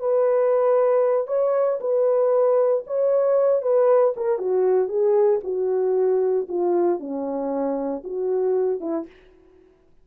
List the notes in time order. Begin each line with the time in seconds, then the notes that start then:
0.00 B4
1.28 C#5
1.81 B4
2.87 C#5
3.63 B4
4.17 A#4
4.39 F#4
4.89 G#4
5.44 F#4
6.49 F4
7.00 C#4
8.04 F#4
8.81 E4